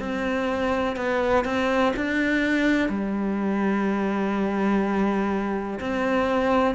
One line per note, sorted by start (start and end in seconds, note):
0.00 0.96 C4
0.96 1.45 B3
1.45 1.93 C4
1.96 2.89 D4
2.89 5.79 G3
5.80 6.75 C4